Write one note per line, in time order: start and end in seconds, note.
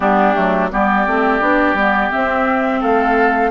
0.00 0.35 G3
0.00 0.34 B3
0.00 0.69 D4
0.00 0.70 G4
0.34 0.72 F#3
0.34 0.69 A3
0.71 1.06 G3
0.71 1.07 B3
0.71 2.80 G4
0.71 2.11 D5
1.06 1.40 A3
1.06 1.40 C4
1.40 1.73 B3
1.40 1.76 D4
1.73 2.09 G3
1.73 2.11 B3
2.11 3.50 C4
2.11 2.82 C4
2.11 2.81 E5
2.80 3.50 A3
2.80 3.50 A4
2.80 3.50 F5